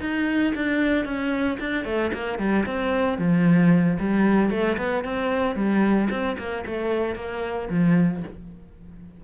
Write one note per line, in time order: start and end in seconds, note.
0.00 0.53 D#4
0.55 1.05 D4
1.05 1.58 C#4
1.60 1.84 D4
1.84 2.11 A3
2.13 2.38 A#3
2.38 2.65 G3
2.66 3.18 C4
3.18 3.98 F3
3.99 4.50 G3
4.50 4.77 A3
4.77 5.04 B3
5.04 5.55 C4
5.55 6.08 G3
6.10 6.36 C4
6.38 6.64 A#3
6.66 7.15 A3
7.15 7.68 A#3
7.70 8.23 F3